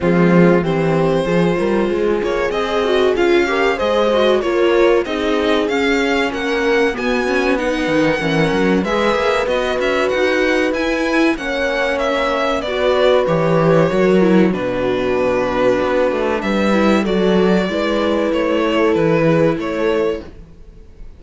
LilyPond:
<<
  \new Staff \with { instrumentName = "violin" } { \time 4/4 \tempo 4 = 95 f'4 c''2~ c''8 cis''8 | dis''4 f''4 dis''4 cis''4 | dis''4 f''4 fis''4 gis''4 | fis''2 e''4 dis''8 e''8 |
fis''4 gis''4 fis''4 e''4 | d''4 cis''2 b'4~ | b'2 e''4 d''4~ | d''4 cis''4 b'4 cis''4 | }
  \new Staff \with { instrumentName = "horn" } { \time 4/4 c'4 g'4 gis'8 ais'8 gis'4~ | gis'4. ais'8 c''4 ais'4 | gis'2 ais'4 fis'4 | b'4 ais'4 b'2~ |
b'2 cis''2 | b'2 ais'4 fis'4~ | fis'2 b'4 a'4 | b'4. a'4 gis'8 a'4 | }
  \new Staff \with { instrumentName = "viola" } { \time 4/4 gis4 c'4 f'2 | gis'8 fis'8 f'8 g'8 gis'8 fis'8 f'4 | dis'4 cis'2 b8 cis'8 | dis'4 cis'4 gis'4 fis'4~ |
fis'4 e'4 cis'2 | fis'4 g'4 fis'8 e'8 d'4~ | d'2~ d'8 e'8 fis'4 | e'1 | }
  \new Staff \with { instrumentName = "cello" } { \time 4/4 f4 e4 f8 g8 gis8 ais8 | c'4 cis'4 gis4 ais4 | c'4 cis'4 ais4 b4~ | b8 dis8 e8 fis8 gis8 ais8 b8 cis'8 |
dis'4 e'4 ais2 | b4 e4 fis4 b,4~ | b,4 b8 a8 g4 fis4 | gis4 a4 e4 a4 | }
>>